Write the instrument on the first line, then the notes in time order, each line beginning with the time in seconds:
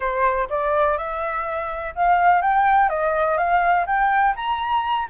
flute
0.00 C5
0.49 D5
0.97 E5
1.95 F5
2.41 G5
2.89 D#5
3.37 F5
3.86 G5
4.35 A#5